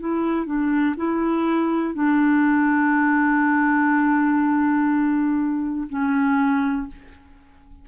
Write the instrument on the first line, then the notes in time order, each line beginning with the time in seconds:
clarinet
0.00 E4
0.46 D4
0.97 E4
1.94 D4
5.89 C#4